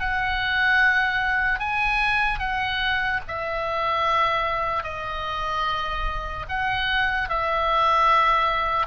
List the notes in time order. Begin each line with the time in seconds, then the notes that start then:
0.00 F#5
1.60 G#5
2.39 F#5
3.28 E5
4.84 D#5
6.49 F#5
7.29 E5